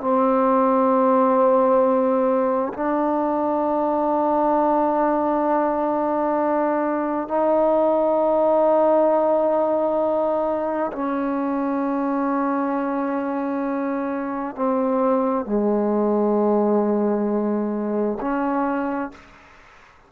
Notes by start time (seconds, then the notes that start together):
0.00 C4
2.73 D4
7.27 D#4
10.92 C#4
14.55 C4
15.45 G#3
18.20 C#4